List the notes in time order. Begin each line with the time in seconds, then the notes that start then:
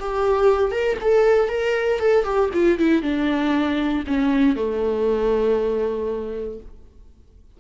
0.00 G4
0.72 A#4
1.01 A4
1.49 A#4
2.00 A4
2.25 G4
2.54 F4
2.79 E4
3.03 D4
4.07 C#4
4.56 A3